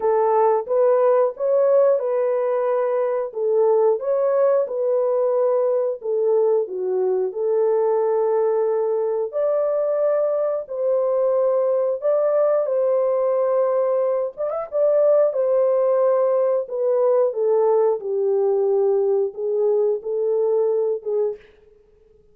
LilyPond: \new Staff \with { instrumentName = "horn" } { \time 4/4 \tempo 4 = 90 a'4 b'4 cis''4 b'4~ | b'4 a'4 cis''4 b'4~ | b'4 a'4 fis'4 a'4~ | a'2 d''2 |
c''2 d''4 c''4~ | c''4. d''16 e''16 d''4 c''4~ | c''4 b'4 a'4 g'4~ | g'4 gis'4 a'4. gis'8 | }